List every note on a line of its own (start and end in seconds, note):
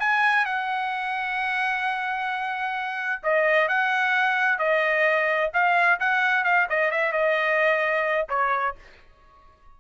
0.00 0.46 G#5
0.46 3.22 F#5
3.23 3.69 D#5
3.69 4.59 F#5
4.59 5.51 D#5
5.54 6.00 F5
6.00 6.44 F#5
6.44 6.68 F5
6.70 6.91 D#5
6.91 7.13 E5
7.13 8.28 D#5
8.29 8.75 C#5